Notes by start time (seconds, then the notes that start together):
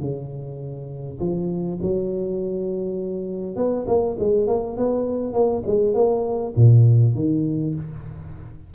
0.00 C#3
1.20 F3
1.82 F#3
3.56 B3
3.87 A#3
4.19 G#3
4.47 A#3
4.77 B3
5.33 A#3
5.67 G#3
5.94 A#3
6.56 A#2
7.15 D#3